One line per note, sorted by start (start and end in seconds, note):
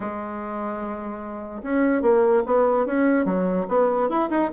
0.00 1.61 G#3
1.63 2.02 C#4
2.02 2.42 A#3
2.45 2.86 B3
2.86 3.25 C#4
3.25 3.65 F#3
3.68 4.09 B3
4.09 4.29 E4
4.29 4.50 D#4